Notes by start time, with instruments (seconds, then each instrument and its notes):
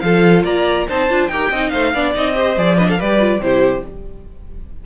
0.00 cello F3, viola F4, violin A4 F5
0.44 cello A#3, violin D5 A#5
0.88 cello C4, viola D#4, violin C5 A5
1.09 cello D4, viola F4
1.27 cello D#4, viola G4, violin A#4 G5
1.50 cello C4, viola D#4, violin D#5
1.69 cello A3, violin C5 F5
1.94 cello B3, viola D4, violin D5
2.14 cello C4, viola D#4, violin D#5
2.34 viola G4, violin C5
2.57 cello F3, viola G#4, violin D5
2.76 viola D4, violin B4 D#5
2.88 violin A4 F5
2.98 cello G3, viola G4, violin B4 D5
3.19 viola F4
3.39 cello C3, viola E4, violin G4 C5